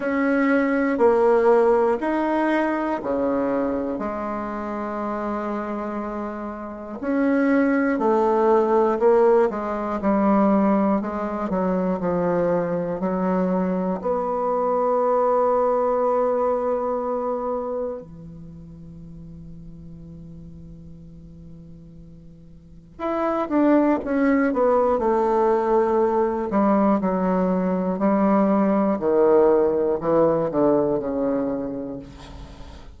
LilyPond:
\new Staff \with { instrumentName = "bassoon" } { \time 4/4 \tempo 4 = 60 cis'4 ais4 dis'4 cis4 | gis2. cis'4 | a4 ais8 gis8 g4 gis8 fis8 | f4 fis4 b2~ |
b2 e2~ | e2. e'8 d'8 | cis'8 b8 a4. g8 fis4 | g4 dis4 e8 d8 cis4 | }